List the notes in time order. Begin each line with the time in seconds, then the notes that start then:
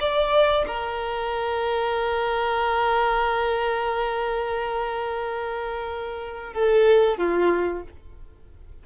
0.00 D5
0.68 A#4
6.53 A4
7.18 F4